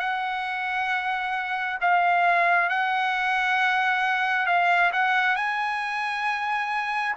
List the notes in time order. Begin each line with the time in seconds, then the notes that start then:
0.00 F#5
1.82 F5
2.69 F#5
4.47 F5
4.93 F#5
5.36 G#5